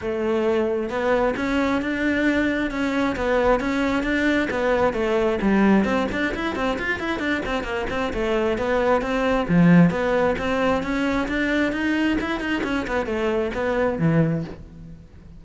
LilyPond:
\new Staff \with { instrumentName = "cello" } { \time 4/4 \tempo 4 = 133 a2 b4 cis'4 | d'2 cis'4 b4 | cis'4 d'4 b4 a4 | g4 c'8 d'8 e'8 c'8 f'8 e'8 |
d'8 c'8 ais8 c'8 a4 b4 | c'4 f4 b4 c'4 | cis'4 d'4 dis'4 e'8 dis'8 | cis'8 b8 a4 b4 e4 | }